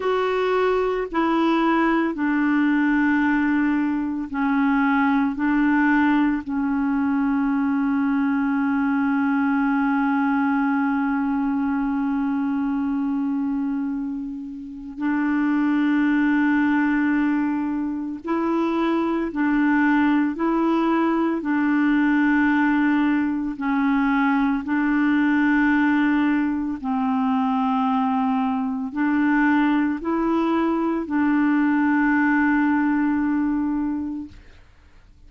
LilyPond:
\new Staff \with { instrumentName = "clarinet" } { \time 4/4 \tempo 4 = 56 fis'4 e'4 d'2 | cis'4 d'4 cis'2~ | cis'1~ | cis'2 d'2~ |
d'4 e'4 d'4 e'4 | d'2 cis'4 d'4~ | d'4 c'2 d'4 | e'4 d'2. | }